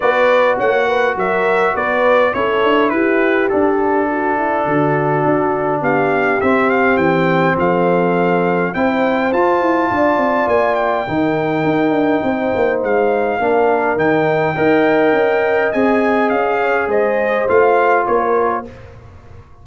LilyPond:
<<
  \new Staff \with { instrumentName = "trumpet" } { \time 4/4 \tempo 4 = 103 d''4 fis''4 e''4 d''4 | cis''4 b'4 a'2~ | a'2 f''4 e''8 f''8 | g''4 f''2 g''4 |
a''2 gis''8 g''4.~ | g''2 f''2 | g''2. gis''4 | f''4 dis''4 f''4 cis''4 | }
  \new Staff \with { instrumentName = "horn" } { \time 4/4 b'4 cis''8 b'8 ais'4 b'4 | a'4 g'2 fis'8 e'8 | fis'2 g'2~ | g'4 a'2 c''4~ |
c''4 d''2 ais'4~ | ais'4 c''2 ais'4~ | ais'4 dis''2.~ | dis''8 cis''8 c''2 ais'4 | }
  \new Staff \with { instrumentName = "trombone" } { \time 4/4 fis'1 | e'2 d'2~ | d'2. c'4~ | c'2. e'4 |
f'2. dis'4~ | dis'2. d'4 | dis'4 ais'2 gis'4~ | gis'2 f'2 | }
  \new Staff \with { instrumentName = "tuba" } { \time 4/4 b4 ais4 fis4 b4 | cis'8 d'8 e'4 d'2 | d4 d'4 b4 c'4 | e4 f2 c'4 |
f'8 e'8 d'8 c'8 ais4 dis4 | dis'8 d'8 c'8 ais8 gis4 ais4 | dis4 dis'4 cis'4 c'4 | cis'4 gis4 a4 ais4 | }
>>